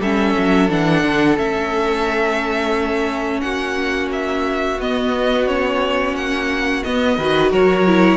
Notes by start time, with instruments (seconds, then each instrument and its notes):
0.00 cello G3, viola C#4, violin A4 E5
0.38 cello F#3
0.69 cello E3, viola D4, violin F#5
1.03 cello D3
1.37 cello A3, viola C#4, violin E5
3.40 cello A#3, violin F#4 F#5
4.12 violin E5
4.78 cello B3, viola B3, violin D#5
5.47 viola C#4, violin C#5
6.14 cello A#3, violin F#5
6.83 viola B3, cello B3, violin D#5
7.17 cello D#3, viola F#4, violin B4
7.51 cello F#3, violin A#4 C#5
7.87 viola E4